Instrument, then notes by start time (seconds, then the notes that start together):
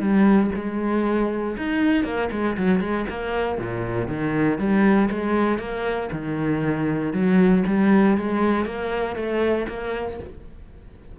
cello
0.00 G3
0.55 G#3
1.58 D#4
2.05 A#3
2.32 G#3
2.57 F#3
2.80 G#3
3.09 A#3
3.58 A#2
4.08 D#3
4.59 G3
5.11 G#3
5.59 A#3
6.13 D#3
7.13 F#3
7.67 G3
8.17 G#3
8.66 A#3
9.16 A3
9.68 A#3